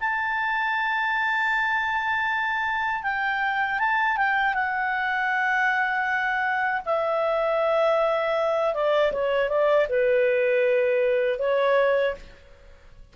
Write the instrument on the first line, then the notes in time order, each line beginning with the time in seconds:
clarinet
0.00 A5
3.03 G5
3.79 A5
4.17 G5
4.54 F#5
6.85 E5
8.74 D5
9.12 C#5
9.49 D5
9.89 B4
11.39 C#5